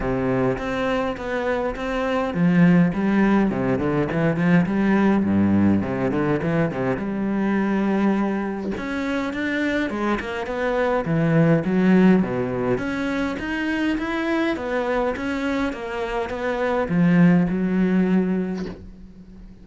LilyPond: \new Staff \with { instrumentName = "cello" } { \time 4/4 \tempo 4 = 103 c4 c'4 b4 c'4 | f4 g4 c8 d8 e8 f8 | g4 g,4 c8 d8 e8 c8 | g2. cis'4 |
d'4 gis8 ais8 b4 e4 | fis4 b,4 cis'4 dis'4 | e'4 b4 cis'4 ais4 | b4 f4 fis2 | }